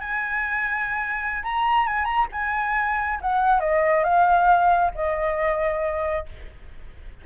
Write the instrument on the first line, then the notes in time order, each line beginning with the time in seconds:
flute
0.00 G#5
1.43 A#5
1.87 G#5
2.04 A#5
2.32 G#5
3.21 F#5
3.60 D#5
4.04 F5
4.94 D#5